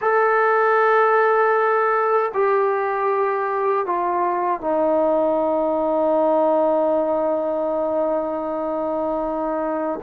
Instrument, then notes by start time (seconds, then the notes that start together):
trombone
0.01 A4
2.34 G4
3.85 F4
4.60 D#4